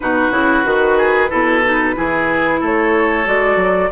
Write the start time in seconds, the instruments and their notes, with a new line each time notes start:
0.00 bassoon B2, clarinet D#4, oboe F#4, flute B4
0.31 bassoon C#3, clarinet E4
0.64 bassoon D#3, clarinet F#4
0.97 oboe G#4
1.29 bassoon B2, clarinet E4, oboe A4
1.63 clarinet D#4
1.95 bassoon E3, clarinet E4, oboe G#4
2.60 bassoon A3, oboe A4, flute C#5
3.24 bassoon G#3, clarinet F#4, flute D5
3.56 bassoon F#3